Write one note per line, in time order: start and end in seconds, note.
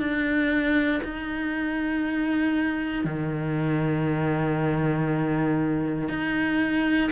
0.00 1.02 D4
1.04 3.05 D#4
3.05 6.09 D#3
6.09 7.11 D#4